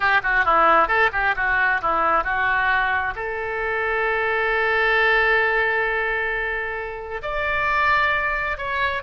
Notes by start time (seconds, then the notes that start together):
0.00 G4
0.23 F#4
0.44 E4
0.88 A4
1.12 G4
1.36 F#4
1.81 E4
2.23 F#4
3.15 A4
7.22 D5
8.57 C#5